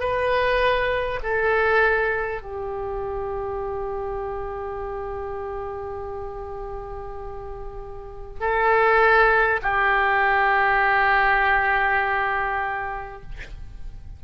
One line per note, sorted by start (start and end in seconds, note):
0.00 1.20 B4
1.23 2.42 A4
2.42 8.41 G4
8.41 9.61 A4
9.62 13.22 G4